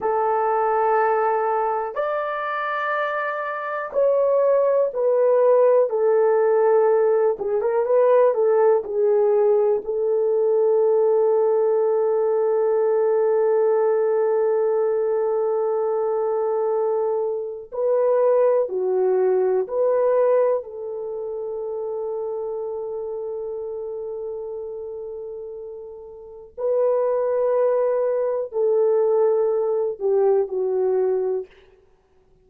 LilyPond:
\new Staff \with { instrumentName = "horn" } { \time 4/4 \tempo 4 = 61 a'2 d''2 | cis''4 b'4 a'4. gis'16 ais'16 | b'8 a'8 gis'4 a'2~ | a'1~ |
a'2 b'4 fis'4 | b'4 a'2.~ | a'2. b'4~ | b'4 a'4. g'8 fis'4 | }